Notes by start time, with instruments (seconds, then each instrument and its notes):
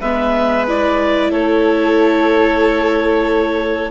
0.00 bassoon G#3, viola B3, violin B4, clarinet E5
0.68 viola E4, clarinet D5
1.30 bassoon A3, violin A4, clarinet C#5